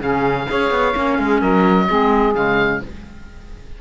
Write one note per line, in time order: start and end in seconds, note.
0.00 0.47 C#3
0.00 0.47 C#4
0.00 0.47 G#4
0.00 1.41 F5
0.47 0.70 C#4
0.47 0.93 G#4
0.47 1.19 C#5
0.70 0.94 B3
0.93 1.18 A#3
0.93 1.86 C#4
1.18 1.41 G#3
1.18 1.39 G#4
1.39 1.88 F#3
1.39 1.85 A#4
1.39 2.34 D#5
1.88 2.34 G#3
1.88 2.33 C4
1.88 2.81 G#4
2.33 2.81 C#3
2.33 2.80 G#3
2.33 2.81 F5